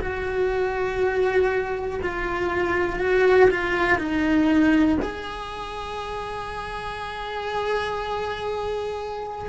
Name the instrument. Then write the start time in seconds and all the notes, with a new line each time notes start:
cello
0.00 F#4
2.02 F4
2.99 F#4
3.50 F4
3.98 D#4
5.01 G#4